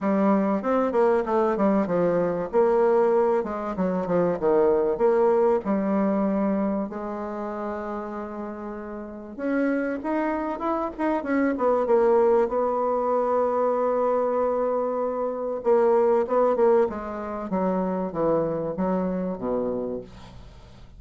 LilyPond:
\new Staff \with { instrumentName = "bassoon" } { \time 4/4 \tempo 4 = 96 g4 c'8 ais8 a8 g8 f4 | ais4. gis8 fis8 f8 dis4 | ais4 g2 gis4~ | gis2. cis'4 |
dis'4 e'8 dis'8 cis'8 b8 ais4 | b1~ | b4 ais4 b8 ais8 gis4 | fis4 e4 fis4 b,4 | }